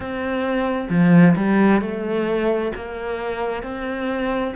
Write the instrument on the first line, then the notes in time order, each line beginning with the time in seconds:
cello
0.00 C4
0.89 F3
1.36 G3
1.81 A3
2.75 A#3
3.62 C4